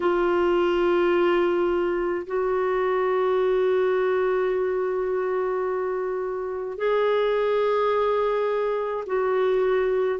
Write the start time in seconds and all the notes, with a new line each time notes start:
0.00 F4
2.26 F#4
6.77 G#4
9.06 F#4